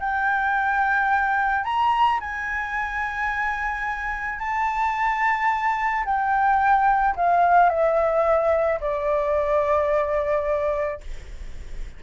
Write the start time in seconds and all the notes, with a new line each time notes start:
0.00 G5
1.64 A#5
2.20 G#5
4.39 A5
6.05 G5
7.16 F5
7.69 E5
8.81 D5